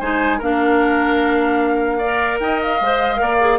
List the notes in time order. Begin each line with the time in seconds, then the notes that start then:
0.00 G#3 D#4 C5 G#5
0.38 A#3 D4 A#4 F5
1.98 D5
2.04 A#4
2.39 D#4 D#5 G5
2.62 F5
2.81 G#3 C5
3.16 A#3 A#4 D5
3.40 G#4